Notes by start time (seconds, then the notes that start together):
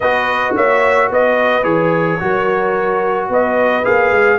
0.00 B3 F#4 B4 D#5
0.55 A#3 C#5 E5
1.10 B3 B4 D#5
1.63 E3 G#4 C#5
2.19 F#3 F#4 A#4
3.28 B3 B4 D#5
3.83 A#3 G#4 F5
4.11 G#3